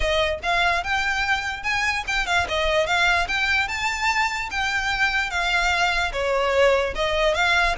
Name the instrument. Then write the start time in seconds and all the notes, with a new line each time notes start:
violin
0.00 D#5
0.42 F5
0.83 G5
1.63 G#5
2.07 G5
2.26 F5
2.48 D#5
2.86 F5
3.28 G5
3.68 A5
4.50 G5
5.30 F5
6.12 C#5
6.95 D#5
7.34 F5